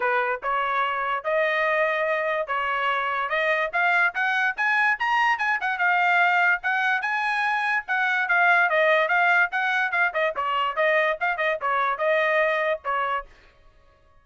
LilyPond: \new Staff \with { instrumentName = "trumpet" } { \time 4/4 \tempo 4 = 145 b'4 cis''2 dis''4~ | dis''2 cis''2 | dis''4 f''4 fis''4 gis''4 | ais''4 gis''8 fis''8 f''2 |
fis''4 gis''2 fis''4 | f''4 dis''4 f''4 fis''4 | f''8 dis''8 cis''4 dis''4 f''8 dis''8 | cis''4 dis''2 cis''4 | }